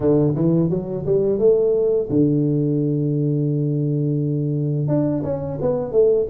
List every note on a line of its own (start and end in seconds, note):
0.00 0.35 D3
0.35 0.70 E3
0.70 1.05 F#3
1.06 1.38 G3
1.38 2.08 A3
2.09 4.87 D3
4.87 5.22 D4
5.23 5.58 C#4
5.61 5.91 B3
5.91 6.26 A3